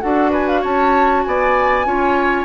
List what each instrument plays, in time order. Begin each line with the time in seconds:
0.00 bassoon D4, clarinet F#4, oboe A4, flute F#5
0.30 oboe B4, flute G#5
0.47 flute F5
0.61 bassoon C#4, oboe C#5, flute A5
1.23 bassoon B3, oboe D5, flute G#5
1.85 bassoon C#4, clarinet F4, oboe C#5